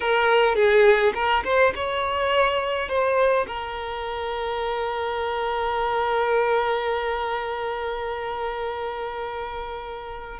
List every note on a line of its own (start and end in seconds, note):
0.00 0.55 A#4
0.55 1.12 G#4
1.14 1.43 A#4
1.44 1.73 C5
1.75 2.88 C#5
2.88 3.46 C5
3.47 10.39 A#4